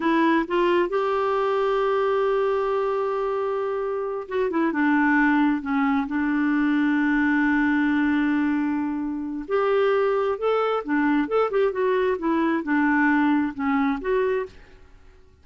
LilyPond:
\new Staff \with { instrumentName = "clarinet" } { \time 4/4 \tempo 4 = 133 e'4 f'4 g'2~ | g'1~ | g'4. fis'8 e'8 d'4.~ | d'8 cis'4 d'2~ d'8~ |
d'1~ | d'4 g'2 a'4 | d'4 a'8 g'8 fis'4 e'4 | d'2 cis'4 fis'4 | }